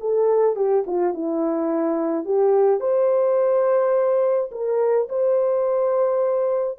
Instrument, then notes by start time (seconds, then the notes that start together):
horn
0.00 A4
0.56 G4
0.87 F4
1.14 E4
2.25 G4
2.80 C5
4.51 A#4
5.09 C5